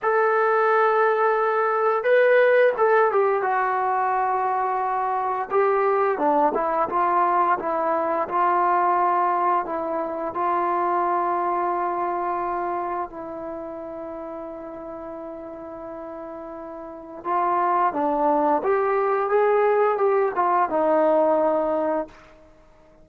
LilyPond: \new Staff \with { instrumentName = "trombone" } { \time 4/4 \tempo 4 = 87 a'2. b'4 | a'8 g'8 fis'2. | g'4 d'8 e'8 f'4 e'4 | f'2 e'4 f'4~ |
f'2. e'4~ | e'1~ | e'4 f'4 d'4 g'4 | gis'4 g'8 f'8 dis'2 | }